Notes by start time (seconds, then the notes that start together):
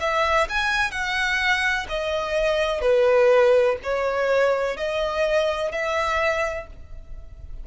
0.00 E5
0.49 G#5
0.91 F#5
1.89 D#5
2.81 B4
3.84 C#5
4.77 D#5
5.72 E5